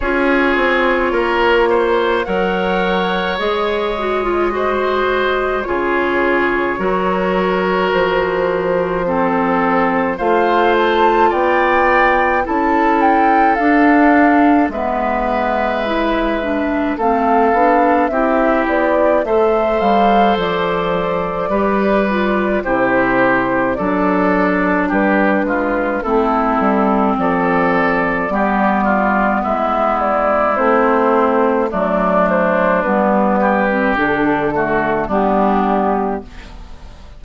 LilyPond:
<<
  \new Staff \with { instrumentName = "flute" } { \time 4/4 \tempo 4 = 53 cis''2 fis''4 dis''4~ | dis''4 cis''2 c''4~ | c''4 f''8 a''8 g''4 a''8 g''8 | f''4 e''2 f''4 |
e''8 d''8 e''8 f''8 d''2 | c''4 d''4 b'4 a'4 | d''2 e''8 d''8 c''4 | d''8 c''8 b'4 a'4 g'4 | }
  \new Staff \with { instrumentName = "oboe" } { \time 4/4 gis'4 ais'8 c''8 cis''2 | c''4 gis'4 ais'2 | a'4 c''4 d''4 a'4~ | a'4 b'2 a'4 |
g'4 c''2 b'4 | g'4 a'4 g'8 f'8 e'4 | a'4 g'8 f'8 e'2 | d'4. g'4 fis'8 d'4 | }
  \new Staff \with { instrumentName = "clarinet" } { \time 4/4 f'2 ais'4 gis'8 fis'16 f'16 | fis'4 f'4 fis'2 | c'4 f'2 e'4 | d'4 b4 e'8 d'8 c'8 d'8 |
e'4 a'2 g'8 f'8 | e'4 d'2 c'4~ | c'4 b2 c'4 | a4 b8. c'16 d'8 a8 b4 | }
  \new Staff \with { instrumentName = "bassoon" } { \time 4/4 cis'8 c'8 ais4 fis4 gis4~ | gis4 cis4 fis4 f4~ | f4 a4 b4 cis'4 | d'4 gis2 a8 b8 |
c'8 b8 a8 g8 f4 g4 | c4 fis4 g8 gis8 a8 g8 | f4 g4 gis4 a4 | fis4 g4 d4 g4 | }
>>